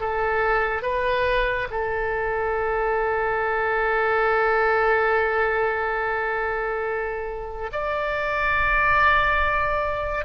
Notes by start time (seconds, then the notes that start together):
0.00 A4
0.82 B4
1.71 A4
7.72 D5